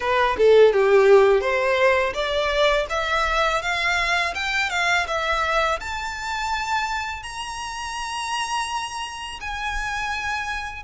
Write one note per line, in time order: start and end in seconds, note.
0.00 0.36 B4
0.37 0.72 A4
0.72 1.40 G4
1.40 2.13 C5
2.14 2.86 D5
2.89 3.61 E5
3.61 4.34 F5
4.34 4.70 G5
4.70 5.06 F5
5.07 5.79 E5
5.80 7.22 A5
7.22 9.39 A#5
9.40 10.83 G#5